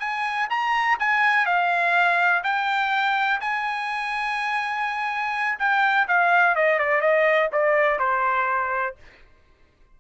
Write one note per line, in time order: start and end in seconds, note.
0.00 0.48 G#5
0.50 0.99 A#5
1.00 1.46 G#5
1.46 2.43 F5
2.44 3.40 G5
3.41 5.59 G#5
5.60 6.08 G5
6.08 6.56 F5
6.56 6.79 D#5
6.79 7.02 D5
7.02 7.50 D#5
7.53 7.99 D5
7.99 8.96 C5